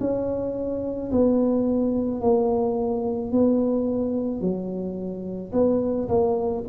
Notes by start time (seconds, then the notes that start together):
0.00 C#4
1.12 B3
2.21 A#3
3.32 B3
4.41 F#3
5.53 B3
6.09 A#3